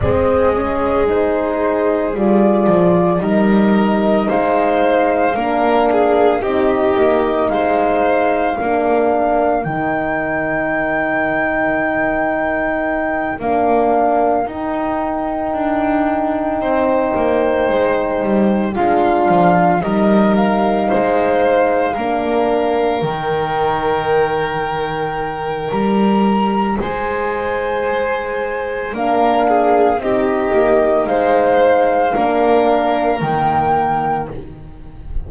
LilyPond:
<<
  \new Staff \with { instrumentName = "flute" } { \time 4/4 \tempo 4 = 56 dis''4 c''4 d''4 dis''4 | f''2 dis''4 f''4~ | f''4 g''2.~ | g''8 f''4 g''2~ g''8~ |
g''4. f''4 dis''8 f''4~ | f''4. g''2~ g''8 | ais''4 gis''2 f''4 | dis''4 f''2 g''4 | }
  \new Staff \with { instrumentName = "violin" } { \time 4/4 gis'2. ais'4 | c''4 ais'8 gis'8 g'4 c''4 | ais'1~ | ais'2.~ ais'8 c''8~ |
c''4. f'4 ais'4 c''8~ | c''8 ais'2.~ ais'8~ | ais'4 c''2 ais'8 gis'8 | g'4 c''4 ais'2 | }
  \new Staff \with { instrumentName = "horn" } { \time 4/4 c'8 cis'8 dis'4 f'4 dis'4~ | dis'4 d'4 dis'2 | d'4 dis'2.~ | dis'8 d'4 dis'2~ dis'8~ |
dis'4. d'4 dis'4.~ | dis'8 d'4 dis'2~ dis'8~ | dis'2. d'4 | dis'2 d'4 ais4 | }
  \new Staff \with { instrumentName = "double bass" } { \time 4/4 gis2 g8 f8 g4 | gis4 ais4 c'8 ais8 gis4 | ais4 dis2.~ | dis8 ais4 dis'4 d'4 c'8 |
ais8 gis8 g8 gis8 f8 g4 gis8~ | gis8 ais4 dis2~ dis8 | g4 gis2 ais4 | c'8 ais8 gis4 ais4 dis4 | }
>>